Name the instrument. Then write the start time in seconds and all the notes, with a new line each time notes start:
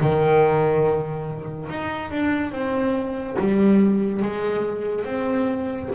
double bass
0.00 D#3
1.69 D#4
2.10 D4
2.52 C4
3.38 G3
4.22 G#3
5.04 C4